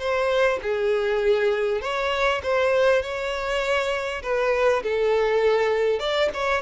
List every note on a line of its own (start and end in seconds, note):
0.00 0.60 C5
0.63 1.82 G#4
1.82 2.42 C#5
2.44 3.03 C5
3.03 4.23 C#5
4.23 4.83 B4
4.83 6.00 A4
6.00 6.30 D5
6.34 6.62 C#5